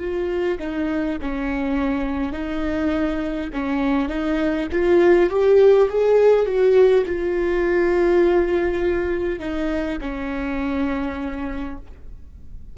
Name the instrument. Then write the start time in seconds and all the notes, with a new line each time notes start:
viola
0.00 F4
0.59 D#4
1.21 C#4
2.33 D#4
3.53 C#4
4.09 D#4
4.72 F4
5.30 G4
5.90 G#4
6.47 F#4
7.06 F4
9.40 D#4
10.02 C#4